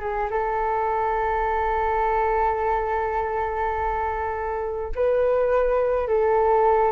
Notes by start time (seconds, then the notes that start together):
0.00 G#4
0.30 A4
4.95 B4
6.07 A4